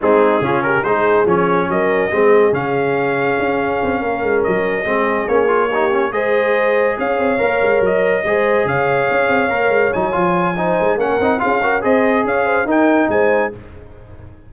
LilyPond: <<
  \new Staff \with { instrumentName = "trumpet" } { \time 4/4 \tempo 4 = 142 gis'4. ais'8 c''4 cis''4 | dis''2 f''2~ | f''2~ f''8 dis''4.~ | dis''8 cis''2 dis''4.~ |
dis''8 f''2 dis''4.~ | dis''8 f''2. gis''8~ | gis''2 fis''4 f''4 | dis''4 f''4 g''4 gis''4 | }
  \new Staff \with { instrumentName = "horn" } { \time 4/4 dis'4 f'8 g'8 gis'2 | ais'4 gis'2.~ | gis'4. ais'2 gis'8~ | gis'4. g'4 c''4.~ |
c''8 cis''2. c''8~ | c''8 cis''2.~ cis''8~ | cis''4 c''4 ais'4 gis'8 ais'8 | c''4 cis''8 c''8 ais'4 c''4 | }
  \new Staff \with { instrumentName = "trombone" } { \time 4/4 c'4 cis'4 dis'4 cis'4~ | cis'4 c'4 cis'2~ | cis'2.~ cis'8 c'8~ | c'8 cis'8 f'8 dis'8 cis'8 gis'4.~ |
gis'4. ais'2 gis'8~ | gis'2~ gis'8 ais'4 dis'8 | f'4 dis'4 cis'8 dis'8 f'8 fis'8 | gis'2 dis'2 | }
  \new Staff \with { instrumentName = "tuba" } { \time 4/4 gis4 cis4 gis4 f4 | fis4 gis4 cis2 | cis'4 c'8 ais8 gis8 fis4 gis8~ | gis8 ais2 gis4.~ |
gis8 cis'8 c'8 ais8 gis8 fis4 gis8~ | gis8 cis4 cis'8 c'8 ais8 gis8 fis8 | f4. gis8 ais8 c'8 cis'4 | c'4 cis'4 dis'4 gis4 | }
>>